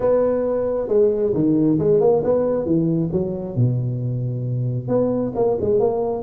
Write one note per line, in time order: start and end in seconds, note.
0.00 0.88 B3
0.88 1.32 G#3
1.34 1.78 D#3
1.78 2.00 G#3
2.00 2.22 A#3
2.23 2.65 B3
2.65 3.09 E3
3.12 3.55 F#3
3.55 4.88 B2
4.88 5.32 B3
5.35 5.57 A#3
5.60 5.79 G#3
5.79 6.23 A#3